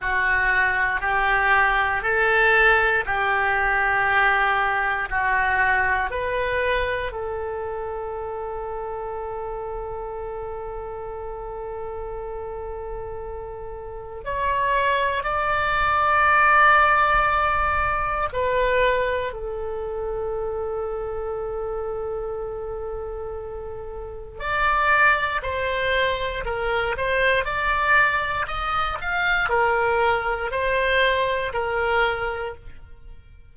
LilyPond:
\new Staff \with { instrumentName = "oboe" } { \time 4/4 \tempo 4 = 59 fis'4 g'4 a'4 g'4~ | g'4 fis'4 b'4 a'4~ | a'1~ | a'2 cis''4 d''4~ |
d''2 b'4 a'4~ | a'1 | d''4 c''4 ais'8 c''8 d''4 | dis''8 f''8 ais'4 c''4 ais'4 | }